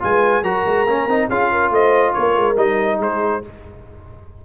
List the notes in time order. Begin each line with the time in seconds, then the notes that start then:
0.00 G#3 F4 B4 G#5
0.42 F#3 F#4 A#4 A#5
0.66 G#3
0.86 A#3 C#4
1.07 C4 D#4
1.29 C#4 F4 G#4 F5
1.51 A#4
1.71 A3 C5 D#5
2.13 A#3 A#4 C#5
2.37 G#3
2.56 G3 D#4 D#5
2.99 G#3 G#4 C5